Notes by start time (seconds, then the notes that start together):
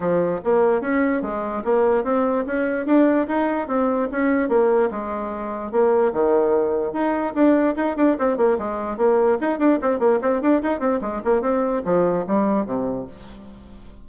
0.00 F3
0.44 A#3
0.81 C#4
1.22 G#3
1.64 A#3
2.04 C4
2.46 C#4
2.86 D4
3.27 D#4
3.67 C4
4.11 C#4
4.48 A#3
4.91 G#3
5.71 A#3
6.12 D#3
6.92 D#4
7.34 D4
7.76 D#4
7.96 D4
8.18 C4
8.37 A#3
8.58 G#3
8.97 A#3
9.40 D#4
9.59 D4
9.81 C4
9.99 A#3
10.21 C4
10.41 D4
10.62 D#4
10.79 C4
11.01 G#3
11.24 A#3
11.41 C4
11.84 F3
12.27 G3
12.66 C3